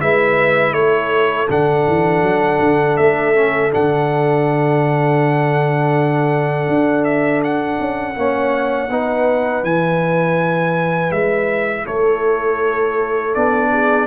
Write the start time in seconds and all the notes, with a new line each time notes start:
0.00 G#3 E4 B4 E5
0.73 A3 A4 C#5
1.50 D3 D4 F#5
1.87 E3
2.23 F#3
2.60 D3
2.97 A3 E5
3.35 C#4
3.71 D3 D4 F#5
6.68 D4
7.05 E5
7.44 F#5
7.80 C#4
8.15 A#3 C#4 C#5
8.90 B3 D#4 B4
9.63 E3 E4 G#5
11.11 G#3 E5
11.85 A3 A4 C#5
13.35 B3 D4 D5
13.72 G#4